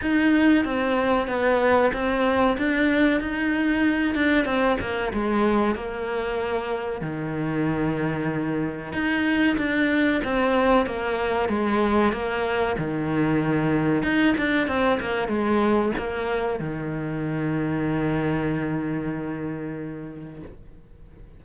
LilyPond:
\new Staff \with { instrumentName = "cello" } { \time 4/4 \tempo 4 = 94 dis'4 c'4 b4 c'4 | d'4 dis'4. d'8 c'8 ais8 | gis4 ais2 dis4~ | dis2 dis'4 d'4 |
c'4 ais4 gis4 ais4 | dis2 dis'8 d'8 c'8 ais8 | gis4 ais4 dis2~ | dis1 | }